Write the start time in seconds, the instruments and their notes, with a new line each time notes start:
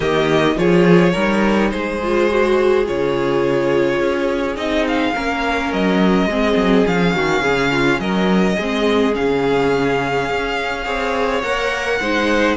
0.00 cello D#3, viola A#3, violin G4 D#5
0.56 cello F3, viola F4, violin G#4 C#5
1.12 cello G3, viola D#4, violin A#4
1.70 cello G#3, violin G#4 C5
2.02 viola F4
2.30 viola F#4
2.84 cello C#3, viola F4, violin C#5
4.00 cello C#4
4.56 cello C4, viola D#4, violin D#5
4.87 violin F5
5.14 cello A#3, viola C#4, violin A#4
5.72 cello F#3, violin D#5
6.25 cello G#3, viola C4, violin G#4
6.55 cello F#3
6.86 cello F3, viola C#4, violin F5
7.14 cello D#3, violin F#4
7.41 cello C#3, violin G#4
7.71 violin F4
7.99 cello F#3, violin A#4 D#5
8.55 cello G#3, viola C4, violin G#4
9.12 cello C#3, viola C#4, violin F5
10.30 cello C#4
10.84 cello C4, viola G#4, violin C#5
11.42 cello A#3, viola A#4, violin F#5
12.00 cello G#3, viola D#4, violin C5